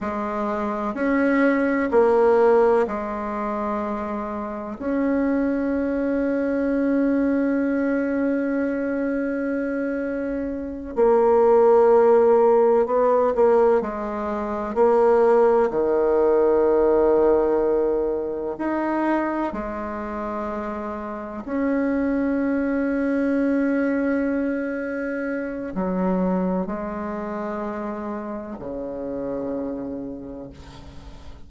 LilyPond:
\new Staff \with { instrumentName = "bassoon" } { \time 4/4 \tempo 4 = 63 gis4 cis'4 ais4 gis4~ | gis4 cis'2.~ | cis'2.~ cis'8 ais8~ | ais4. b8 ais8 gis4 ais8~ |
ais8 dis2. dis'8~ | dis'8 gis2 cis'4.~ | cis'2. fis4 | gis2 cis2 | }